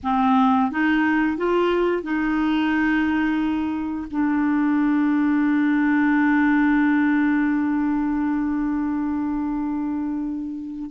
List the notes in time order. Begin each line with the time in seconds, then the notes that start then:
0.03 C4
0.71 D#4
1.37 F4
2.02 D#4
4.10 D4